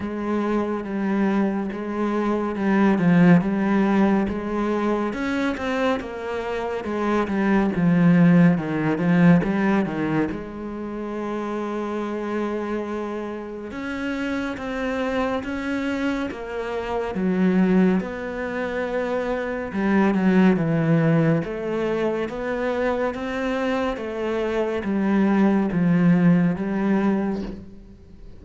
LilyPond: \new Staff \with { instrumentName = "cello" } { \time 4/4 \tempo 4 = 70 gis4 g4 gis4 g8 f8 | g4 gis4 cis'8 c'8 ais4 | gis8 g8 f4 dis8 f8 g8 dis8 | gis1 |
cis'4 c'4 cis'4 ais4 | fis4 b2 g8 fis8 | e4 a4 b4 c'4 | a4 g4 f4 g4 | }